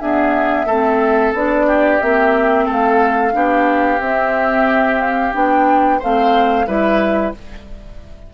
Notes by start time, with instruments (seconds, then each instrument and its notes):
0.00 clarinet B3, bassoon D4, oboe G#4, flute E5
0.66 bassoon A3, clarinet C4, oboe A4
1.33 bassoon B3, clarinet D4, flute D5
1.67 oboe G4
2.01 bassoon A#3, clarinet C4, flute E5
2.65 bassoon A3, oboe A4
2.71 flute F5
3.32 bassoon B3, clarinet D4, oboe G4
4.00 bassoon C4, clarinet C4, flute E5
5.01 flute F5
5.33 bassoon B3, clarinet D4, flute G5
5.99 bassoon A3, clarinet C4, oboe C5, flute F5
6.67 bassoon G3, clarinet E4, oboe B4, flute E5